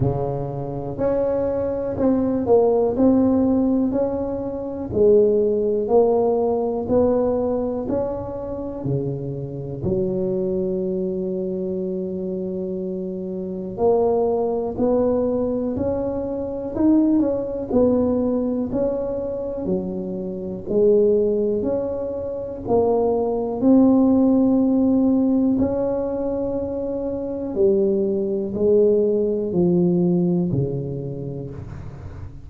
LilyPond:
\new Staff \with { instrumentName = "tuba" } { \time 4/4 \tempo 4 = 61 cis4 cis'4 c'8 ais8 c'4 | cis'4 gis4 ais4 b4 | cis'4 cis4 fis2~ | fis2 ais4 b4 |
cis'4 dis'8 cis'8 b4 cis'4 | fis4 gis4 cis'4 ais4 | c'2 cis'2 | g4 gis4 f4 cis4 | }